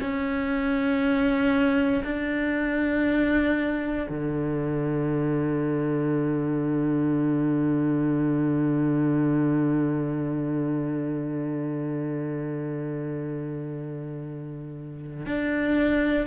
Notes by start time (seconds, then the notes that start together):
0.00 C#4
2.03 D4
4.09 D3
15.25 D4